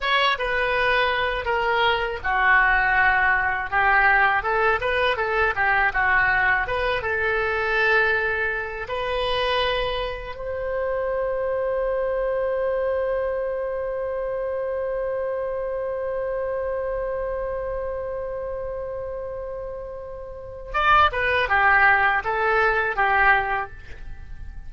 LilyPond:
\new Staff \with { instrumentName = "oboe" } { \time 4/4 \tempo 4 = 81 cis''8 b'4. ais'4 fis'4~ | fis'4 g'4 a'8 b'8 a'8 g'8 | fis'4 b'8 a'2~ a'8 | b'2 c''2~ |
c''1~ | c''1~ | c''1 | d''8 b'8 g'4 a'4 g'4 | }